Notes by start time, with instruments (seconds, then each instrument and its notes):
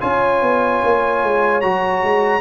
0.00 tuba C#4, trombone F4, horn C#5, trumpet G#5
0.42 tuba B3
0.83 tuba A#3
1.23 tuba G#3
1.61 tuba F#3, trombone F#4, trumpet A#5
2.03 tuba G#3